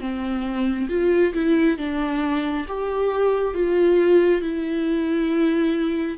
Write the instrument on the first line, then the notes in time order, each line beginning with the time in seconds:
viola
0.00 C4
0.89 F4
1.34 E4
1.78 D4
2.68 G4
3.54 F4
4.41 E4